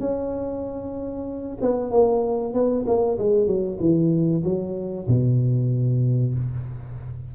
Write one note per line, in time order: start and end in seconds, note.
0.00 1.58 C#4
1.61 1.91 B3
1.91 2.53 A#3
2.53 2.85 B3
2.87 3.18 A#3
3.19 3.47 G#3
3.47 3.78 F#3
3.80 4.43 E3
4.44 5.07 F#3
5.08 6.34 B2